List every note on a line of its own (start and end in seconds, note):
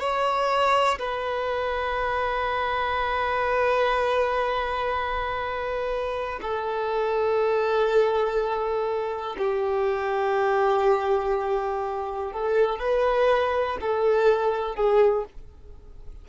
0.00 0.98 C#5
0.99 6.40 B4
6.42 9.37 A4
9.38 12.33 G4
12.33 12.79 A4
12.79 13.77 B4
13.81 14.75 A4
14.75 15.25 G#4